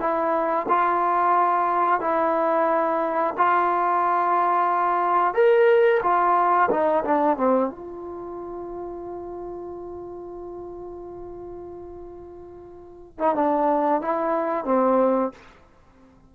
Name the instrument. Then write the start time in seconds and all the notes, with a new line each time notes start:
trombone
0.00 E4
0.69 F4
2.01 E4
3.37 F4
5.35 A#4
6.03 F4
6.71 D#4
7.04 D4
7.37 C4
7.70 F4
13.19 D#4
13.35 D4
14.02 E4
14.65 C4